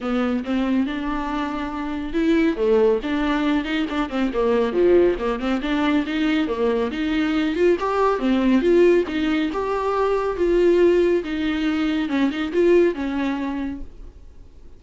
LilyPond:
\new Staff \with { instrumentName = "viola" } { \time 4/4 \tempo 4 = 139 b4 c'4 d'2~ | d'4 e'4 a4 d'4~ | d'8 dis'8 d'8 c'8 ais4 f4 | ais8 c'8 d'4 dis'4 ais4 |
dis'4. f'8 g'4 c'4 | f'4 dis'4 g'2 | f'2 dis'2 | cis'8 dis'8 f'4 cis'2 | }